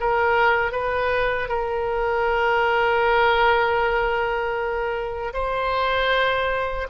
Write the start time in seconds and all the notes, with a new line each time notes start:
0.00 A#4
0.72 B4
1.48 A#4
5.34 C5